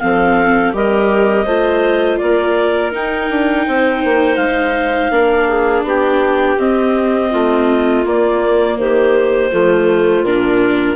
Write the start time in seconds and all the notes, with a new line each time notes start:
0.00 F3 C4 A4 F5
0.73 G3 G4 A#4 D#5
1.45 A3 F4 C5
2.18 A#3 A#4 D5
2.92 D#4 G5
3.30 D4
3.67 C4 C5
4.05 A#3
4.36 G#3 F5
5.12 A#3 D4 A#4
5.48 G#4
5.84 B3 G4 G5
6.59 C4 D#5
7.31 A3 F4
8.05 A#3 D5
8.79 D#3 G4 C5
9.52 F3 A3 F4
10.22 A#2 D4 A#4